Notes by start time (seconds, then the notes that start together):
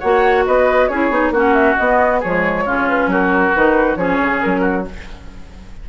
0.00 A#3 F#4 C#5 F#5
0.46 B3 B4 D#5
0.88 C#4 E4 G#4 C#5
1.10 B3 D#4
1.31 A#3 C#4 F#4 F#5
1.54 E5
1.77 B3 D#5
2.20 F3 G#3 G#4 C#5
2.66 C#3 C#4 F4
2.89 B4
3.07 F#3 F#4 A#4
3.55 D#3 D#4 B4
3.96 F3 C#4 G#4 C#5
4.22 C#3
4.41 F#3 A#4
4.61 F#4